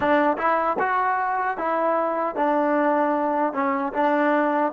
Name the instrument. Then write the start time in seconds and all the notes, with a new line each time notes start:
trombone
0.00 D4
0.37 E4
0.79 F#4
1.57 E4
2.35 D4
3.53 C#4
3.93 D4